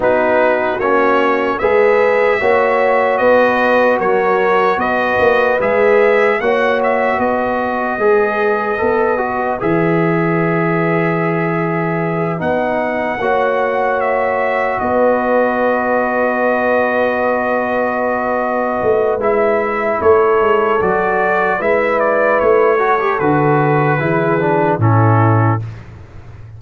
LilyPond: <<
  \new Staff \with { instrumentName = "trumpet" } { \time 4/4 \tempo 4 = 75 b'4 cis''4 e''2 | dis''4 cis''4 dis''4 e''4 | fis''8 e''8 dis''2. | e''2.~ e''8 fis''8~ |
fis''4. e''4 dis''4.~ | dis''1 | e''4 cis''4 d''4 e''8 d''8 | cis''4 b'2 a'4 | }
  \new Staff \with { instrumentName = "horn" } { \time 4/4 fis'2 b'4 cis''4 | b'4 ais'4 b'2 | cis''4 b'2.~ | b'1~ |
b'8 cis''2 b'4.~ | b'1~ | b'4 a'2 b'4~ | b'8 a'4. gis'4 e'4 | }
  \new Staff \with { instrumentName = "trombone" } { \time 4/4 dis'4 cis'4 gis'4 fis'4~ | fis'2. gis'4 | fis'2 gis'4 a'8 fis'8 | gis'2.~ gis'8 dis'8~ |
dis'8 fis'2.~ fis'8~ | fis'1 | e'2 fis'4 e'4~ | e'8 fis'16 g'16 fis'4 e'8 d'8 cis'4 | }
  \new Staff \with { instrumentName = "tuba" } { \time 4/4 b4 ais4 gis4 ais4 | b4 fis4 b8 ais8 gis4 | ais4 b4 gis4 b4 | e2.~ e8 b8~ |
b8 ais2 b4.~ | b2.~ b8 a8 | gis4 a8 gis8 fis4 gis4 | a4 d4 e4 a,4 | }
>>